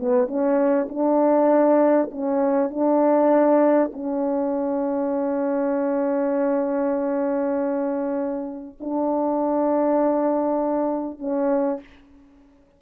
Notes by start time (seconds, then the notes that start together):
0.00 B3
0.28 C#4
0.89 D4
2.12 C#4
2.70 D4
3.93 C#4
8.80 D4
11.19 C#4